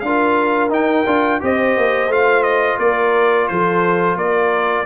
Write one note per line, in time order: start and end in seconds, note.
0.00 0.70 D4
0.00 0.70 F4
0.00 1.44 A#4
0.00 0.69 F5
0.70 1.04 D#4
0.70 1.05 D#4
0.70 1.42 G5
1.07 1.41 D4
1.07 1.40 F4
1.40 1.77 C4
1.40 2.09 G4
1.40 2.81 C5
1.40 2.12 D#5
1.77 2.09 A#3
2.09 2.78 A3
2.09 4.86 F4
2.09 2.43 F5
2.43 2.78 D#5
2.79 3.48 A#3
2.79 3.50 A#4
2.79 3.48 D5
3.48 4.16 F3
3.48 4.19 A4
3.48 4.17 C5
4.16 4.85 A#3
4.16 4.86 A#4
4.16 4.86 D5